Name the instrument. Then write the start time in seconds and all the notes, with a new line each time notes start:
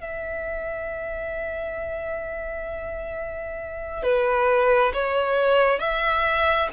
violin
0.00 E5
4.02 B4
4.93 C#5
5.79 E5